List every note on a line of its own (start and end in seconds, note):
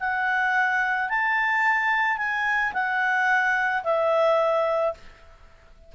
0.00 1.09 F#5
1.09 2.18 A5
2.18 2.73 G#5
2.73 3.83 F#5
3.84 4.94 E5